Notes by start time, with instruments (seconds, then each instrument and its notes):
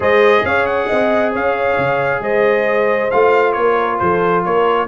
0.00 tuba G#3, trombone G#4, horn C5, trumpet D#5
0.44 tuba C#4, horn C#5, trumpet F5
0.66 trumpet F#5
0.87 tuba C4, horn D#5
1.32 tuba C#4, horn C#5, trumpet F5
1.77 tuba C#3
2.20 tuba G#3, horn C5, trumpet D#5
3.10 tuba A3, trombone F4, trumpet F5
3.52 tuba A#3, horn A#4, trumpet C#5
3.99 tuba F3, horn A4, trumpet C5
4.44 tuba A#3, horn A#4, trumpet C#5